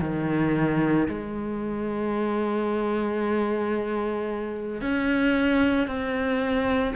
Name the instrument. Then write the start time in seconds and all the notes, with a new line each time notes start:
cello
0.00 D#3
1.08 G#3
4.81 C#4
5.87 C4